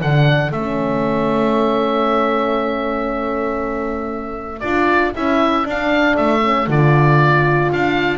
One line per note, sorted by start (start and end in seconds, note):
0.00 0.51 D3
0.00 0.54 D4
0.00 8.18 A4
0.00 0.52 F#5
0.51 4.61 A3
0.51 4.63 C#4
0.51 4.60 E5
4.60 5.14 D4
4.60 5.13 F4
4.60 5.11 D5
5.13 5.64 C#4
5.13 5.64 E4
5.13 5.67 E5
5.64 6.41 D4
5.64 6.15 D4
5.64 6.16 F5
6.16 6.67 A3
6.16 6.68 E5
6.41 6.67 C#4
6.67 7.70 D3
6.67 8.18 F4
6.67 7.72 D5
7.72 8.18 D4
7.72 8.18 F5